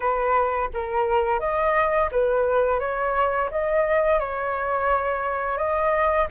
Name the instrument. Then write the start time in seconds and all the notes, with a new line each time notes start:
flute
0.00 B4
0.73 A#4
1.40 D#5
2.11 B4
2.79 C#5
3.50 D#5
4.19 C#5
5.57 D#5